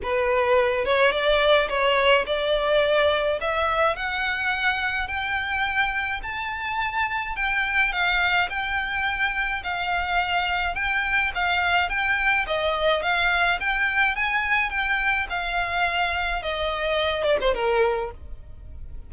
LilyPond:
\new Staff \with { instrumentName = "violin" } { \time 4/4 \tempo 4 = 106 b'4. cis''8 d''4 cis''4 | d''2 e''4 fis''4~ | fis''4 g''2 a''4~ | a''4 g''4 f''4 g''4~ |
g''4 f''2 g''4 | f''4 g''4 dis''4 f''4 | g''4 gis''4 g''4 f''4~ | f''4 dis''4. d''16 c''16 ais'4 | }